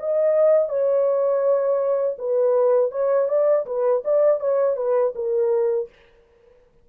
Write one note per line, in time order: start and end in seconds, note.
0.00 0.69 D#5
0.69 2.17 C#5
2.19 2.92 B4
2.92 3.29 C#5
3.29 3.66 D5
3.66 4.03 B4
4.05 4.40 D5
4.40 4.77 C#5
4.77 5.14 B4
5.15 5.90 A#4